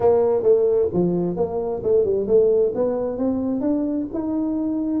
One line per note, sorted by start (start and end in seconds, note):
0.00 0.42 A#3
0.42 0.88 A3
0.93 1.36 F3
1.36 1.81 A#3
1.83 2.04 A3
2.04 2.27 G3
2.27 2.73 A3
2.74 3.17 B3
3.17 3.60 C4
3.60 4.06 D4
4.13 5.00 D#4